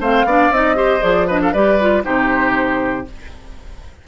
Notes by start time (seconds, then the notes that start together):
0.00 A3 C4 C5 F5
0.25 B3 D4 D5
0.50 C4 D#4 D#5
0.75 G4 C5
1.01 F3 G#4 D5
1.27 D4 B4 D#5
1.42 A4 F5
1.52 G3 G4 B4 D5
1.80 F4
2.03 C3 D#4 G4 C5